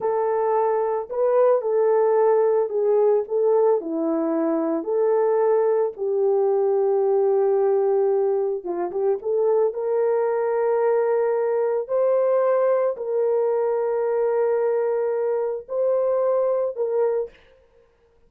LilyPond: \new Staff \with { instrumentName = "horn" } { \time 4/4 \tempo 4 = 111 a'2 b'4 a'4~ | a'4 gis'4 a'4 e'4~ | e'4 a'2 g'4~ | g'1 |
f'8 g'8 a'4 ais'2~ | ais'2 c''2 | ais'1~ | ais'4 c''2 ais'4 | }